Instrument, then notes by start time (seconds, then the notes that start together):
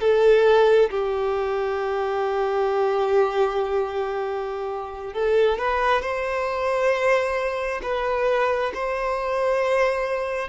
violin
0.00 A4
0.90 G4
5.13 A4
5.58 B4
6.02 C5
7.82 B4
8.74 C5